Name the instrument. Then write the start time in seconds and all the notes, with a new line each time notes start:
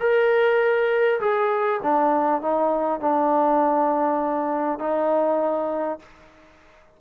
trombone
0.00 A#4
1.20 G#4
1.83 D4
2.42 D#4
3.00 D4
4.79 D#4